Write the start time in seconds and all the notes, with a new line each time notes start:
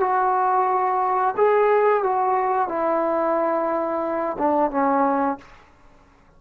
0.00 F#4
1.37 G#4
2.03 F#4
2.68 E4
4.38 D4
4.70 C#4